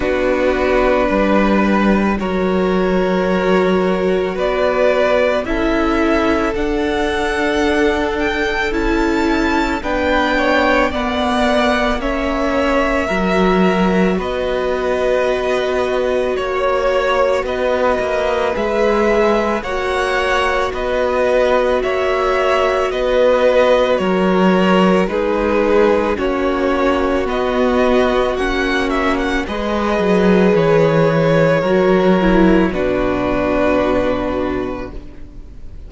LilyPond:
<<
  \new Staff \with { instrumentName = "violin" } { \time 4/4 \tempo 4 = 55 b'2 cis''2 | d''4 e''4 fis''4. g''8 | a''4 g''4 fis''4 e''4~ | e''4 dis''2 cis''4 |
dis''4 e''4 fis''4 dis''4 | e''4 dis''4 cis''4 b'4 | cis''4 dis''4 fis''8 e''16 fis''16 dis''4 | cis''2 b'2 | }
  \new Staff \with { instrumentName = "violin" } { \time 4/4 fis'4 b'4 ais'2 | b'4 a'2.~ | a'4 b'8 cis''8 d''4 cis''4 | ais'4 b'2 cis''4 |
b'2 cis''4 b'4 | cis''4 b'4 ais'4 gis'4 | fis'2. b'4~ | b'4 ais'4 fis'2 | }
  \new Staff \with { instrumentName = "viola" } { \time 4/4 d'2 fis'2~ | fis'4 e'4 d'2 | e'4 d'4 b4 cis'4 | fis'1~ |
fis'4 gis'4 fis'2~ | fis'2. dis'4 | cis'4 b4 cis'4 gis'4~ | gis'4 fis'8 e'8 d'2 | }
  \new Staff \with { instrumentName = "cello" } { \time 4/4 b4 g4 fis2 | b4 cis'4 d'2 | cis'4 b4 ais2 | fis4 b2 ais4 |
b8 ais8 gis4 ais4 b4 | ais4 b4 fis4 gis4 | ais4 b4 ais4 gis8 fis8 | e4 fis4 b,2 | }
>>